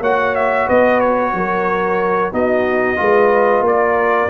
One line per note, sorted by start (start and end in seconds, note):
0.00 0.66 A#3
0.00 2.32 F#4
0.00 0.67 C#5
0.00 0.35 F#5
0.35 0.68 E5
0.67 1.34 B3
0.67 1.33 B4
0.67 1.00 D#5
1.00 2.32 C#5
1.34 2.33 F#3
1.34 2.33 A#4
2.32 2.99 B3
2.32 2.96 D#4
2.32 2.99 F#4
2.32 3.66 D#5
2.96 3.61 G#3
2.96 4.28 F4
2.96 3.66 B4
3.61 4.27 A#3
3.61 4.29 A#4
3.61 4.29 D5